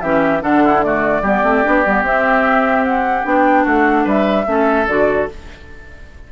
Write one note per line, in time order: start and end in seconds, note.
0.00 0.41 E3
0.00 0.40 C#4
0.00 0.42 G4
0.00 0.41 E5
0.40 1.21 D3
0.40 0.80 D4
0.40 0.62 A4
0.40 0.83 F#5
0.63 0.84 E4
0.82 1.23 A3
0.82 1.21 F#4
0.82 2.04 D5
1.21 1.42 G3
1.21 1.43 B3
1.21 3.62 G4
1.43 1.63 A3
1.43 1.63 C4
1.63 1.85 B3
1.63 1.83 D4
1.85 2.02 G3
1.85 2.03 B3
2.02 3.23 C4
2.02 2.84 E5
2.84 3.25 F#5
3.23 3.65 B3
3.23 4.45 D4
3.23 3.66 G5
3.62 4.05 A3
3.62 4.03 F#4
3.62 4.07 F#5
4.04 4.45 G3
4.04 4.44 B4
4.04 4.87 E5
4.45 4.87 A3
4.45 4.86 C#4
4.45 5.32 A4
4.87 5.28 D3
4.87 5.29 F#4
4.87 5.28 D5